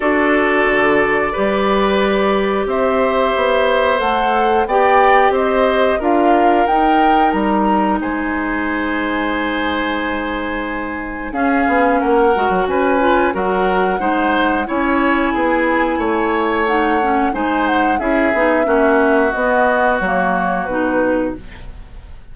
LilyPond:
<<
  \new Staff \with { instrumentName = "flute" } { \time 4/4 \tempo 4 = 90 d''1 | e''2 fis''4 g''4 | dis''4 f''4 g''4 ais''4 | gis''1~ |
gis''4 f''4 fis''4 gis''4 | fis''2 gis''2~ | gis''4 fis''4 gis''8 fis''8 e''4~ | e''4 dis''4 cis''4 b'4 | }
  \new Staff \with { instrumentName = "oboe" } { \time 4/4 a'2 b'2 | c''2. d''4 | c''4 ais'2. | c''1~ |
c''4 gis'4 ais'4 b'4 | ais'4 c''4 cis''4 gis'4 | cis''2 c''4 gis'4 | fis'1 | }
  \new Staff \with { instrumentName = "clarinet" } { \time 4/4 fis'2 g'2~ | g'2 a'4 g'4~ | g'4 f'4 dis'2~ | dis'1~ |
dis'4 cis'4. fis'4 f'8 | fis'4 dis'4 e'2~ | e'4 dis'8 cis'8 dis'4 e'8 dis'8 | cis'4 b4 ais4 dis'4 | }
  \new Staff \with { instrumentName = "bassoon" } { \time 4/4 d'4 d4 g2 | c'4 b4 a4 b4 | c'4 d'4 dis'4 g4 | gis1~ |
gis4 cis'8 b8 ais8 gis16 fis16 cis'4 | fis4 gis4 cis'4 b4 | a2 gis4 cis'8 b8 | ais4 b4 fis4 b,4 | }
>>